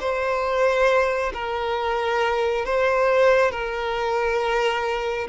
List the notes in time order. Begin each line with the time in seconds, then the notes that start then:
0.00 C5
1.34 A#4
2.65 C5
3.51 A#4